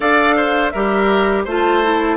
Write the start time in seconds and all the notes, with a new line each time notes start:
0.00 D4 A4 D5 F5
0.36 C5
0.70 G3 G4 A#4 E5
1.44 A3 F4 C5 A5
1.83 E4